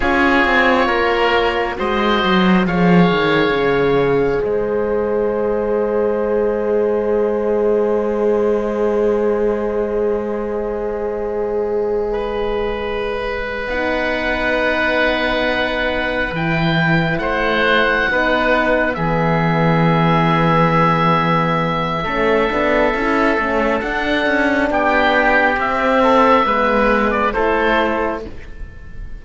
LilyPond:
<<
  \new Staff \with { instrumentName = "oboe" } { \time 4/4 \tempo 4 = 68 cis''2 dis''4 f''4~ | f''4 dis''2.~ | dis''1~ | dis''2.~ dis''8 fis''8~ |
fis''2~ fis''8 g''4 fis''8~ | fis''4. e''2~ e''8~ | e''2. fis''4 | g''4 e''4.~ e''16 d''16 c''4 | }
  \new Staff \with { instrumentName = "oboe" } { \time 4/4 gis'4 ais'4 c''4 cis''4~ | cis''4 c''2.~ | c''1~ | c''4.~ c''16 b'2~ b'16~ |
b'2.~ b'8 c''8~ | c''8 b'4 gis'2~ gis'8~ | gis'4 a'2. | g'4. a'8 b'4 a'4 | }
  \new Staff \with { instrumentName = "horn" } { \time 4/4 f'2 fis'4 gis'4~ | gis'1~ | gis'1~ | gis'2.~ gis'8 dis'8~ |
dis'2~ dis'8 e'4.~ | e'8 dis'4 b2~ b8~ | b4 cis'8 d'8 e'8 cis'8 d'4~ | d'4 c'4 b4 e'4 | }
  \new Staff \with { instrumentName = "cello" } { \time 4/4 cis'8 c'8 ais4 gis8 fis8 f8 dis8 | cis4 gis2.~ | gis1~ | gis2.~ gis8 b8~ |
b2~ b8 e4 a8~ | a8 b4 e2~ e8~ | e4 a8 b8 cis'8 a8 d'8 cis'8 | b4 c'4 gis4 a4 | }
>>